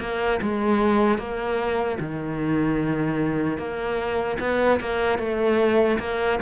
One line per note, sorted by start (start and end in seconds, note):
0.00 0.40 A#3
0.42 1.19 G#3
1.19 1.99 A#3
2.00 3.58 D#3
3.58 4.38 A#3
4.40 4.80 B3
4.80 5.19 A#3
5.19 5.99 A3
6.00 6.40 A#3